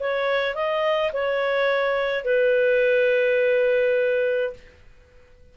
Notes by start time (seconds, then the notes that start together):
0.00 C#5
0.55 D#5
1.13 C#5
2.25 B4